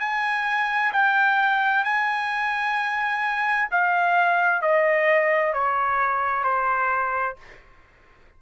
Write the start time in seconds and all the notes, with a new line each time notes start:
0.00 G#5
0.93 G5
1.84 G#5
3.71 F5
4.62 D#5
5.53 C#5
6.44 C5